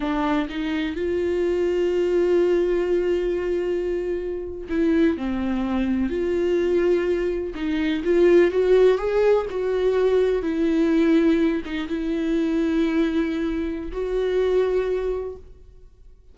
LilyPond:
\new Staff \with { instrumentName = "viola" } { \time 4/4 \tempo 4 = 125 d'4 dis'4 f'2~ | f'1~ | f'4.~ f'16 e'4 c'4~ c'16~ | c'8. f'2. dis'16~ |
dis'8. f'4 fis'4 gis'4 fis'16~ | fis'4.~ fis'16 e'2~ e'16~ | e'16 dis'8 e'2.~ e'16~ | e'4 fis'2. | }